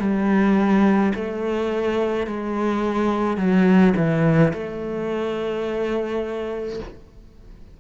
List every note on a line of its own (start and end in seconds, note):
0.00 1.13 G3
1.15 2.27 A3
2.27 3.37 G#3
3.37 3.94 F#3
3.96 4.53 E3
4.53 6.80 A3